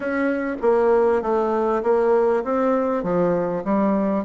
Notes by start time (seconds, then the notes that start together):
0.00 C#4
0.61 A#3
1.21 A3
1.83 A#3
2.44 C4
3.03 F3
3.64 G3